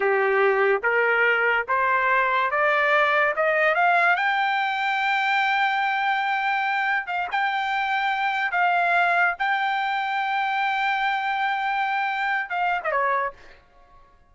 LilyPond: \new Staff \with { instrumentName = "trumpet" } { \time 4/4 \tempo 4 = 144 g'2 ais'2 | c''2 d''2 | dis''4 f''4 g''2~ | g''1~ |
g''4 f''8 g''2~ g''8~ | g''8 f''2 g''4.~ | g''1~ | g''2 f''8. dis''16 cis''4 | }